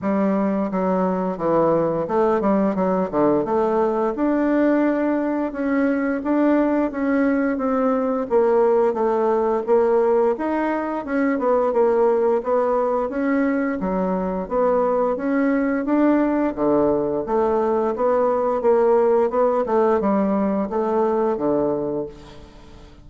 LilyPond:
\new Staff \with { instrumentName = "bassoon" } { \time 4/4 \tempo 4 = 87 g4 fis4 e4 a8 g8 | fis8 d8 a4 d'2 | cis'4 d'4 cis'4 c'4 | ais4 a4 ais4 dis'4 |
cis'8 b8 ais4 b4 cis'4 | fis4 b4 cis'4 d'4 | d4 a4 b4 ais4 | b8 a8 g4 a4 d4 | }